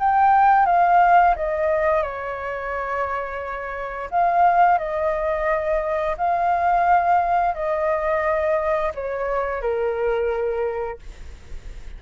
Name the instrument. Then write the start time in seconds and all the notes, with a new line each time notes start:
flute
0.00 G5
0.66 F5
1.36 D#5
2.03 C#5
4.11 F5
4.79 D#5
6.18 F5
7.55 D#5
8.95 C#5
9.61 A#4